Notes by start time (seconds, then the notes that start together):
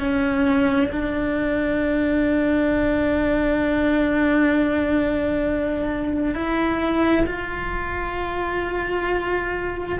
0.00 C#4
0.92 D4
6.35 E4
7.27 F4